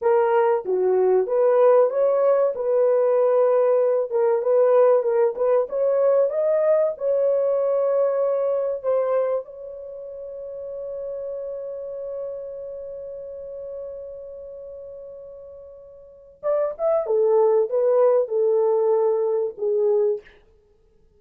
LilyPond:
\new Staff \with { instrumentName = "horn" } { \time 4/4 \tempo 4 = 95 ais'4 fis'4 b'4 cis''4 | b'2~ b'8 ais'8 b'4 | ais'8 b'8 cis''4 dis''4 cis''4~ | cis''2 c''4 cis''4~ |
cis''1~ | cis''1~ | cis''2 d''8 e''8 a'4 | b'4 a'2 gis'4 | }